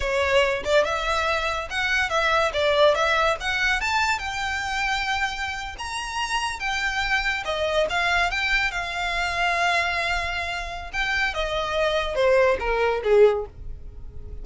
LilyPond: \new Staff \with { instrumentName = "violin" } { \time 4/4 \tempo 4 = 143 cis''4. d''8 e''2 | fis''4 e''4 d''4 e''4 | fis''4 a''4 g''2~ | g''4.~ g''16 ais''2 g''16~ |
g''4.~ g''16 dis''4 f''4 g''16~ | g''8. f''2.~ f''16~ | f''2 g''4 dis''4~ | dis''4 c''4 ais'4 gis'4 | }